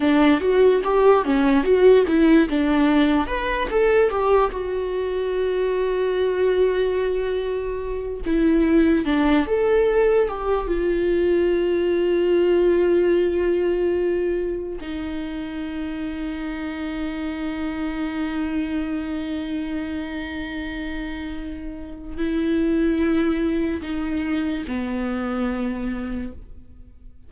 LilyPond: \new Staff \with { instrumentName = "viola" } { \time 4/4 \tempo 4 = 73 d'8 fis'8 g'8 cis'8 fis'8 e'8 d'4 | b'8 a'8 g'8 fis'2~ fis'8~ | fis'2 e'4 d'8 a'8~ | a'8 g'8 f'2.~ |
f'2 dis'2~ | dis'1~ | dis'2. e'4~ | e'4 dis'4 b2 | }